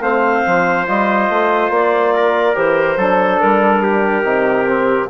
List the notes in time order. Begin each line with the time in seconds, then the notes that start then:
0.00 A3 C4 C5 F5
0.46 F3
0.86 G3 F4 D#5
1.29 A3
1.69 A#3 D5
2.14 A#4
2.54 E3 G4 C5
2.97 F#3 D4 A4
3.40 G3 A#4
3.82 G4
4.24 C3 D#4
4.68 C4